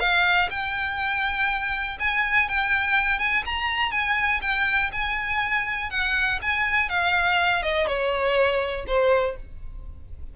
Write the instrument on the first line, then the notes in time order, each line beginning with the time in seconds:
violin
0.00 F5
0.51 G5
2.00 G#5
2.49 G5
3.19 G#5
3.45 A#5
3.92 G#5
4.42 G5
4.92 G#5
5.91 F#5
6.42 G#5
6.89 F5
7.63 D#5
7.87 C#5
8.87 C5